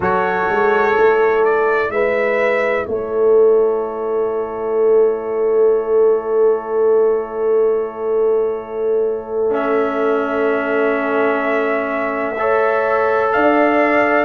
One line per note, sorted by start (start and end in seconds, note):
0.00 0.46 F#3
0.00 0.94 F#4
0.00 1.90 A4
0.00 1.44 C#5
0.48 0.96 G#3
0.94 1.89 A3
0.94 9.50 E4
1.44 1.90 D5
1.89 2.84 G#3
1.89 2.88 B4
1.89 2.85 E5
2.85 13.34 A3
2.85 12.39 A4
2.85 9.52 C#5
9.50 12.35 C#4
9.50 13.32 E5
12.38 14.24 A4
12.38 13.34 C#5
13.32 14.24 D4
13.32 14.24 D5
13.32 14.24 F5